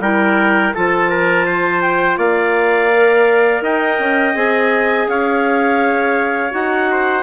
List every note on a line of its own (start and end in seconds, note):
0.00 0.72 G3
0.00 0.73 E4
0.00 0.74 A#4
0.00 0.74 G5
0.74 2.17 F3
0.74 2.91 F4
0.74 1.09 A4
0.74 1.81 A5
1.09 1.46 A#4
1.46 2.18 C5
1.81 2.17 G5
2.17 3.62 A#3
2.17 3.62 D5
2.17 3.63 F5
2.91 4.35 A#4
3.62 3.98 D#4
3.62 5.08 D#5
3.62 4.36 G5
3.99 4.35 C#4
4.35 5.07 C4
4.35 6.51 G#4
4.35 5.09 G#5
5.07 6.52 C#4
5.07 6.91 C#5
5.07 6.53 F5
6.51 7.23 D#4
6.51 7.23 F#4
6.51 7.23 F#5
6.91 7.23 C5